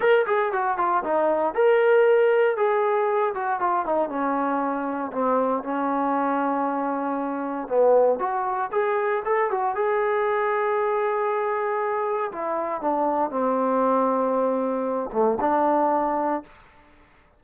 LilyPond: \new Staff \with { instrumentName = "trombone" } { \time 4/4 \tempo 4 = 117 ais'8 gis'8 fis'8 f'8 dis'4 ais'4~ | ais'4 gis'4. fis'8 f'8 dis'8 | cis'2 c'4 cis'4~ | cis'2. b4 |
fis'4 gis'4 a'8 fis'8 gis'4~ | gis'1 | e'4 d'4 c'2~ | c'4. a8 d'2 | }